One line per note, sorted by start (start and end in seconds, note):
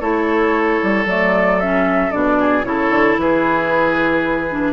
0.00 0.80 A3
0.00 1.06 E4
0.00 2.37 A4
0.00 1.05 C#5
0.83 1.05 G3
1.05 2.11 F#3
1.05 1.60 A3
1.05 1.60 D5
1.60 2.11 C#4
1.60 2.11 E5
2.11 2.63 B2
2.11 2.63 D4
2.11 2.63 D5
2.39 2.65 G#4
2.63 2.89 C#3
2.63 4.47 E4
2.63 3.20 A4
2.63 3.16 C#5
2.89 3.16 D3
3.17 4.72 E3
3.17 4.72 G#4
3.17 4.72 B4
4.51 4.72 D4